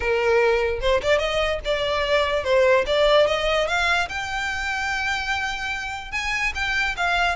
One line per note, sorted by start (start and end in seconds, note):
0.00 0.80 A#4
0.80 1.01 C5
1.02 1.18 D5
1.18 1.59 D#5
1.65 2.44 D5
2.44 2.85 C5
2.86 3.26 D5
3.26 3.67 D#5
3.67 4.08 F5
4.09 6.11 G5
6.11 6.52 G#5
6.54 6.95 G5
6.96 7.36 F5